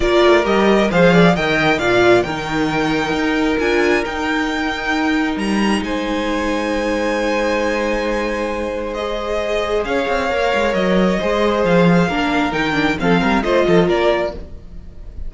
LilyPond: <<
  \new Staff \with { instrumentName = "violin" } { \time 4/4 \tempo 4 = 134 d''4 dis''4 f''4 g''4 | f''4 g''2. | gis''4 g''2. | ais''4 gis''2.~ |
gis''1 | dis''2 f''2 | dis''2 f''2 | g''4 f''4 dis''4 d''4 | }
  \new Staff \with { instrumentName = "violin" } { \time 4/4 ais'2 c''8 d''8 dis''4 | d''4 ais'2.~ | ais'1~ | ais'4 c''2.~ |
c''1~ | c''2 cis''2~ | cis''4 c''2 ais'4~ | ais'4 a'8 ais'8 c''8 a'8 ais'4 | }
  \new Staff \with { instrumentName = "viola" } { \time 4/4 f'4 g'4 gis'4 ais'4 | f'4 dis'2. | f'4 dis'2.~ | dis'1~ |
dis'1 | gis'2. ais'4~ | ais'4 gis'2 d'4 | dis'8 d'8 c'4 f'2 | }
  \new Staff \with { instrumentName = "cello" } { \time 4/4 ais8 a8 g4 f4 dis4 | ais,4 dis2 dis'4 | d'4 dis'2. | g4 gis2.~ |
gis1~ | gis2 cis'8 c'8 ais8 gis8 | fis4 gis4 f4 ais4 | dis4 f8 g8 a8 f8 ais4 | }
>>